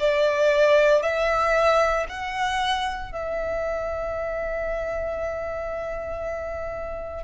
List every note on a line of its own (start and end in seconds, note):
0.00 1.03 D5
1.03 2.06 E5
2.09 3.13 F#5
3.13 7.24 E5